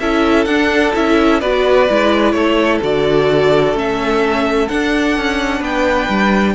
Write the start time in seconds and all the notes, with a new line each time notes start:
0.00 C#4 E4 A4 E5
0.45 D4 F#5
0.95 C#4 E4 E5
1.41 B3 F#4 B4 D5
1.89 G#3 E4
2.32 A3 A4 C#5
2.82 D3 F#4 D5
3.74 A3 C#4 E5
4.69 D4 F#5
5.17 C#4
5.60 B3 B4 G5
6.09 G3